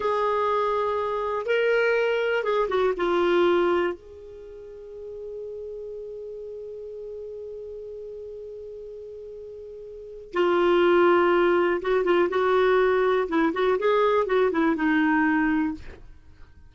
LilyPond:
\new Staff \with { instrumentName = "clarinet" } { \time 4/4 \tempo 4 = 122 gis'2. ais'4~ | ais'4 gis'8 fis'8 f'2 | gis'1~ | gis'1~ |
gis'1~ | gis'4 f'2. | fis'8 f'8 fis'2 e'8 fis'8 | gis'4 fis'8 e'8 dis'2 | }